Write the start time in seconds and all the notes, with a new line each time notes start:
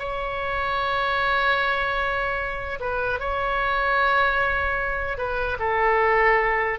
0.00 C#5
2.80 B4
3.20 C#5
5.18 B4
5.60 A4